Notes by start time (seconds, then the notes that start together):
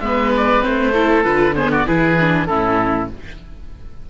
0.00 G#3 B3 B4 E5
0.37 D5
0.60 C4 C5
0.66 A3
0.93 E4 A4
1.24 D3 F4 B4
1.55 B3 G#4 C5
1.71 F#4 D5
1.86 E3 E4 G#4 B4
2.20 D4
2.46 A2 C#4 E4 A4